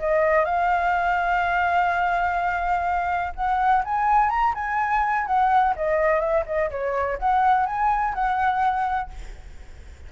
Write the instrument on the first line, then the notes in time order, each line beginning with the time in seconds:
flute
0.00 D#5
0.45 F5
3.36 F#5
3.85 G#5
4.30 A#5
4.55 G#5
5.27 F#5
5.76 D#5
6.21 E5
6.46 D#5
6.71 C#5
7.19 F#5
7.67 G#5
8.15 F#5